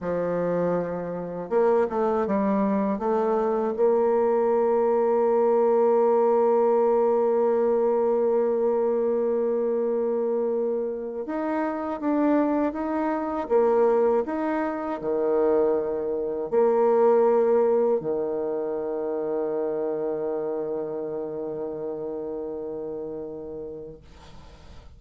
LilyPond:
\new Staff \with { instrumentName = "bassoon" } { \time 4/4 \tempo 4 = 80 f2 ais8 a8 g4 | a4 ais2.~ | ais1~ | ais2. dis'4 |
d'4 dis'4 ais4 dis'4 | dis2 ais2 | dis1~ | dis1 | }